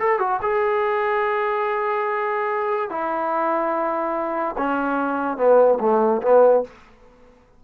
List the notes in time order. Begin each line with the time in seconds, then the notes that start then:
0.00 A4
0.20 F#4
0.42 G#4
2.90 E4
4.58 C#4
5.37 B3
5.80 A3
6.23 B3